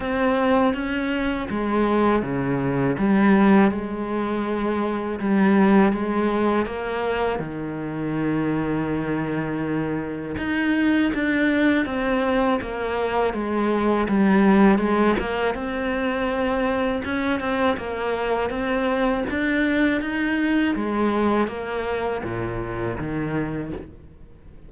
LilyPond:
\new Staff \with { instrumentName = "cello" } { \time 4/4 \tempo 4 = 81 c'4 cis'4 gis4 cis4 | g4 gis2 g4 | gis4 ais4 dis2~ | dis2 dis'4 d'4 |
c'4 ais4 gis4 g4 | gis8 ais8 c'2 cis'8 c'8 | ais4 c'4 d'4 dis'4 | gis4 ais4 ais,4 dis4 | }